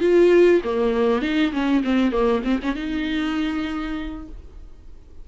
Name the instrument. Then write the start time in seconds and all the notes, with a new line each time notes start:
viola
0.00 F4
0.64 A#3
1.21 D#4
1.52 C#4
1.83 C4
2.12 A#3
2.44 C4
2.62 C#4
2.75 D#4